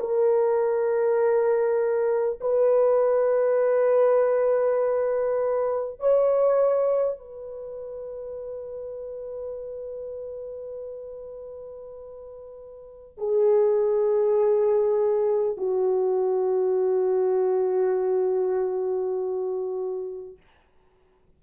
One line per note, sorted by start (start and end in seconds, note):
0.00 2.40 A#4
2.41 5.99 B4
5.99 7.19 C#5
7.19 13.18 B4
13.18 15.57 G#4
15.57 20.37 F#4